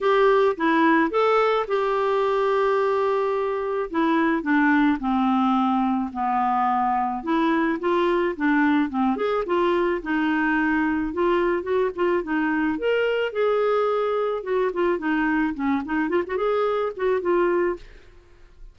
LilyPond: \new Staff \with { instrumentName = "clarinet" } { \time 4/4 \tempo 4 = 108 g'4 e'4 a'4 g'4~ | g'2. e'4 | d'4 c'2 b4~ | b4 e'4 f'4 d'4 |
c'8 gis'8 f'4 dis'2 | f'4 fis'8 f'8 dis'4 ais'4 | gis'2 fis'8 f'8 dis'4 | cis'8 dis'8 f'16 fis'16 gis'4 fis'8 f'4 | }